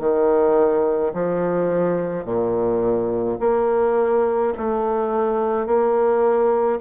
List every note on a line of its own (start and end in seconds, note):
0.00 1.13 D#3
1.14 2.25 F3
2.25 3.38 A#2
3.40 4.53 A#3
4.57 5.67 A3
5.67 6.80 A#3